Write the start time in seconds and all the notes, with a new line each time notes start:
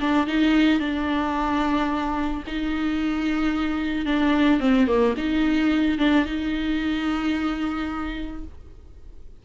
0.00 D4
0.27 D#4
0.80 D4
2.46 D#4
4.06 D4
4.60 C4
4.87 A#3
5.17 D#4
5.98 D4
6.25 D#4